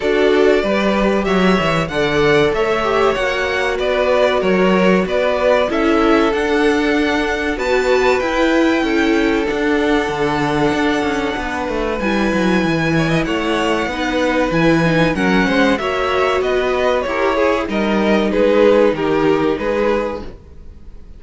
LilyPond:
<<
  \new Staff \with { instrumentName = "violin" } { \time 4/4 \tempo 4 = 95 d''2 e''4 fis''4 | e''4 fis''4 d''4 cis''4 | d''4 e''4 fis''2 | a''4 g''2 fis''4~ |
fis''2. gis''4~ | gis''4 fis''2 gis''4 | fis''4 e''4 dis''4 cis''4 | dis''4 b'4 ais'4 b'4 | }
  \new Staff \with { instrumentName = "violin" } { \time 4/4 a'4 b'4 cis''4 d''4 | cis''2 b'4 ais'4 | b'4 a'2. | b'2 a'2~ |
a'2 b'2~ | b'8 cis''16 dis''16 cis''4 b'2 | ais'8 c''8 cis''4 b'4 ais'8 gis'8 | ais'4 gis'4 g'4 gis'4 | }
  \new Staff \with { instrumentName = "viola" } { \time 4/4 fis'4 g'2 a'4~ | a'8 g'8 fis'2.~ | fis'4 e'4 d'2 | fis'4 e'2 d'4~ |
d'2. e'4~ | e'2 dis'4 e'8 dis'8 | cis'4 fis'2 g'8 gis'8 | dis'1 | }
  \new Staff \with { instrumentName = "cello" } { \time 4/4 d'4 g4 fis8 e8 d4 | a4 ais4 b4 fis4 | b4 cis'4 d'2 | b4 e'4 cis'4 d'4 |
d4 d'8 cis'8 b8 a8 g8 fis8 | e4 a4 b4 e4 | fis8 gis8 ais4 b4 e'4 | g4 gis4 dis4 gis4 | }
>>